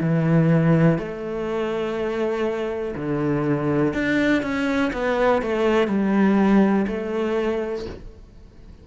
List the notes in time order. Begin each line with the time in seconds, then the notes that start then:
0.00 E3
0.98 A3
2.96 D3
3.93 D4
4.42 C#4
4.92 B3
5.41 A3
5.87 G3
6.87 A3